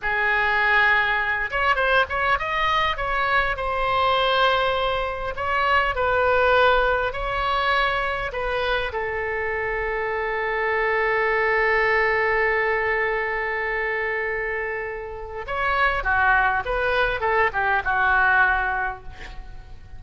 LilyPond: \new Staff \with { instrumentName = "oboe" } { \time 4/4 \tempo 4 = 101 gis'2~ gis'8 cis''8 c''8 cis''8 | dis''4 cis''4 c''2~ | c''4 cis''4 b'2 | cis''2 b'4 a'4~ |
a'1~ | a'1~ | a'2 cis''4 fis'4 | b'4 a'8 g'8 fis'2 | }